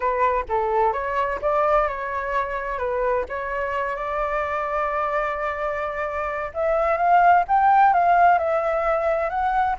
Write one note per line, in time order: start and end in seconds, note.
0.00 0.45 B4
0.48 0.92 A4
0.92 1.39 C#5
1.41 1.88 D5
1.88 2.78 C#5
2.78 3.24 B4
3.29 3.95 C#5
3.95 6.51 D5
6.54 6.97 E5
6.97 7.44 F5
7.48 7.93 G5
7.93 8.38 F5
8.38 9.29 E5
9.29 9.76 F#5